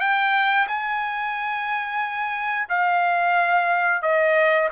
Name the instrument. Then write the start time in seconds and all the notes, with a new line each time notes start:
trumpet
0.00 G5
0.68 G#5
2.69 F5
4.02 D#5